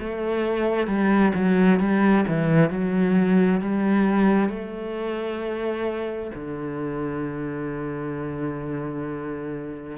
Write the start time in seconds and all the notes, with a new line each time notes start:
0.00 A3
0.88 G3
1.35 F#3
1.80 G3
2.28 E3
2.70 F#3
3.61 G3
4.50 A3
6.35 D3